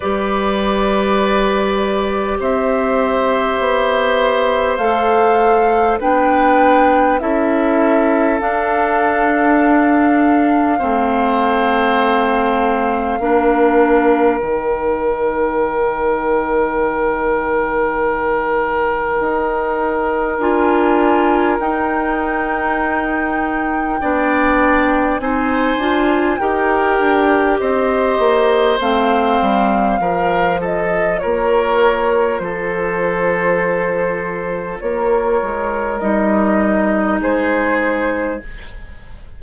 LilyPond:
<<
  \new Staff \with { instrumentName = "flute" } { \time 4/4 \tempo 4 = 50 d''2 e''2 | f''4 g''4 e''4 f''4~ | f''1 | g''1~ |
g''4 gis''4 g''2~ | g''4 gis''4 g''4 dis''4 | f''4. dis''8 cis''4 c''4~ | c''4 cis''4 dis''4 c''4 | }
  \new Staff \with { instrumentName = "oboe" } { \time 4/4 b'2 c''2~ | c''4 b'4 a'2~ | a'4 c''2 ais'4~ | ais'1~ |
ais'1 | d''4 c''4 ais'4 c''4~ | c''4 ais'8 a'8 ais'4 a'4~ | a'4 ais'2 gis'4 | }
  \new Staff \with { instrumentName = "clarinet" } { \time 4/4 g'1 | a'4 d'4 e'4 d'4~ | d'4 c'2 d'4 | dis'1~ |
dis'4 f'4 dis'2 | d'4 dis'8 f'8 g'2 | c'4 f'2.~ | f'2 dis'2 | }
  \new Staff \with { instrumentName = "bassoon" } { \time 4/4 g2 c'4 b4 | a4 b4 cis'4 d'4~ | d'4 a2 ais4 | dis1 |
dis'4 d'4 dis'2 | b4 c'8 d'8 dis'8 d'8 c'8 ais8 | a8 g8 f4 ais4 f4~ | f4 ais8 gis8 g4 gis4 | }
>>